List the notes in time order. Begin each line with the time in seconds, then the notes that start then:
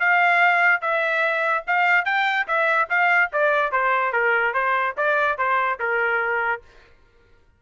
0.00 F5
0.82 E5
1.67 F5
2.05 G5
2.48 E5
2.90 F5
3.33 D5
3.72 C5
4.13 A#4
4.54 C5
4.97 D5
5.38 C5
5.79 A#4